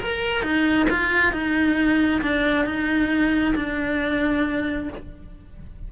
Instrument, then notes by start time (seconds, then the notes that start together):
cello
0.00 A#4
0.42 D#4
0.90 F4
1.32 D#4
2.22 D4
2.65 D#4
3.55 D4